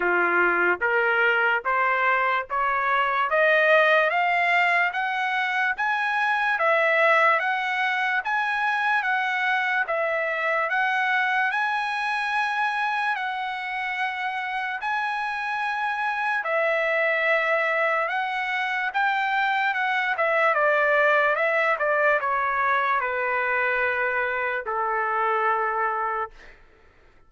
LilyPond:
\new Staff \with { instrumentName = "trumpet" } { \time 4/4 \tempo 4 = 73 f'4 ais'4 c''4 cis''4 | dis''4 f''4 fis''4 gis''4 | e''4 fis''4 gis''4 fis''4 | e''4 fis''4 gis''2 |
fis''2 gis''2 | e''2 fis''4 g''4 | fis''8 e''8 d''4 e''8 d''8 cis''4 | b'2 a'2 | }